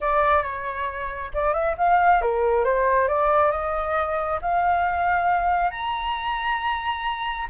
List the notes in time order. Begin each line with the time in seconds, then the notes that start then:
0.01 D5
0.42 C#5
1.34 D5
1.53 E5
1.77 F5
2.21 A#4
2.64 C5
3.08 D5
3.51 D#5
4.41 F5
5.71 A#5